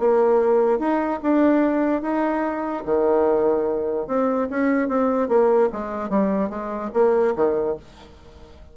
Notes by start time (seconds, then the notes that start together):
0.00 A#3
0.79 D#4
1.23 D4
2.02 D#4
2.86 D#3
4.07 C4
4.50 C#4
4.89 C4
5.29 A#3
5.73 G#3
6.10 G3
6.50 G#3
6.94 A#3
7.36 D#3